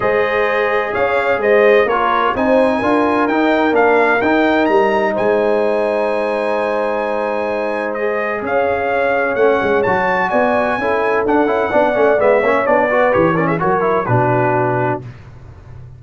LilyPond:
<<
  \new Staff \with { instrumentName = "trumpet" } { \time 4/4 \tempo 4 = 128 dis''2 f''4 dis''4 | cis''4 gis''2 g''4 | f''4 g''4 ais''4 gis''4~ | gis''1~ |
gis''4 dis''4 f''2 | fis''4 a''4 gis''2 | fis''2 e''4 d''4 | cis''8 d''16 e''16 cis''4 b'2 | }
  \new Staff \with { instrumentName = "horn" } { \time 4/4 c''2 cis''4 c''4 | ais'4 c''4 ais'2~ | ais'2. c''4~ | c''1~ |
c''2 cis''2~ | cis''2 d''4 a'4~ | a'4 d''4. cis''4 b'8~ | b'8 ais'16 gis'16 ais'4 fis'2 | }
  \new Staff \with { instrumentName = "trombone" } { \time 4/4 gis'1 | f'4 dis'4 f'4 dis'4 | d'4 dis'2.~ | dis'1~ |
dis'4 gis'2. | cis'4 fis'2 e'4 | d'8 e'8 d'8 cis'8 b8 cis'8 d'8 fis'8 | g'8 cis'8 fis'8 e'8 d'2 | }
  \new Staff \with { instrumentName = "tuba" } { \time 4/4 gis2 cis'4 gis4 | ais4 c'4 d'4 dis'4 | ais4 dis'4 g4 gis4~ | gis1~ |
gis2 cis'2 | a8 gis8 fis4 b4 cis'4 | d'8 cis'8 b8 a8 gis8 ais8 b4 | e4 fis4 b,2 | }
>>